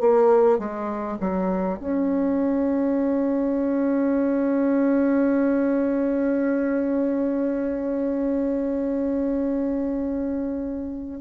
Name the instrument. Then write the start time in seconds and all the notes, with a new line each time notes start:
bassoon
0.00 A#3
0.59 G#3
1.20 F#3
1.80 C#4